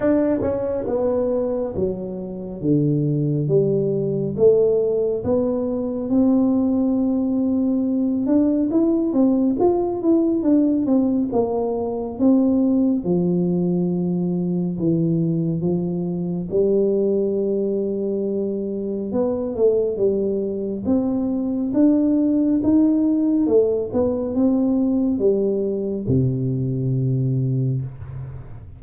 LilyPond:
\new Staff \with { instrumentName = "tuba" } { \time 4/4 \tempo 4 = 69 d'8 cis'8 b4 fis4 d4 | g4 a4 b4 c'4~ | c'4. d'8 e'8 c'8 f'8 e'8 | d'8 c'8 ais4 c'4 f4~ |
f4 e4 f4 g4~ | g2 b8 a8 g4 | c'4 d'4 dis'4 a8 b8 | c'4 g4 c2 | }